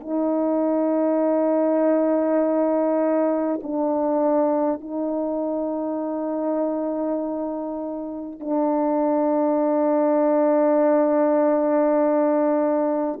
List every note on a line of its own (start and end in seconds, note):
0.00 3.60 D#4
3.62 4.81 D4
4.81 8.40 D#4
8.40 13.20 D4